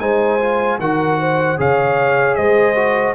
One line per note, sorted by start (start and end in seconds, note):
0.00 0.79 G#3
0.00 0.40 D#4
0.00 0.79 C5
0.00 0.79 G#5
0.40 0.80 F4
0.79 1.58 D#3
0.79 1.58 F#4
0.79 1.20 A#4
0.79 1.59 F#5
1.20 1.59 C5
1.58 2.38 C#3
1.58 2.76 G#4
1.58 2.38 C#5
1.58 2.35 F5
2.35 3.15 G#3
2.35 3.15 C5
2.35 3.14 D#5
2.76 3.15 F#4